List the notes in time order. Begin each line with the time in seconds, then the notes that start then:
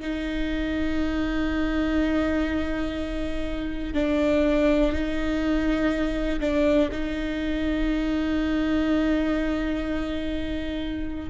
0.00 D#4
3.94 D4
4.92 D#4
6.40 D4
6.91 D#4